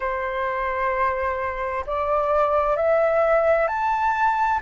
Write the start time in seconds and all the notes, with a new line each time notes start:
0.00 C5
1.86 D5
2.76 E5
3.67 A5